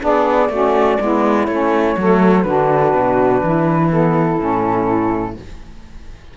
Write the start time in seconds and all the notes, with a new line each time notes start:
0.00 B3 D4 G#4 D5
0.49 A3 C#4 F#4
1.00 G#3 B3 E4
1.46 A3 C#4 C#5
1.97 F#3 A3 A4
2.43 D3 D4 F#4 B4
2.93 B2
3.43 E3 E4
3.90 B3 A4
4.38 A2 C#4